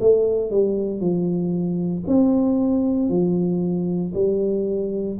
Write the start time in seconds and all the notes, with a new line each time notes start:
0.00 A3
0.50 G3
1.00 F3
2.07 C4
3.09 F3
4.14 G3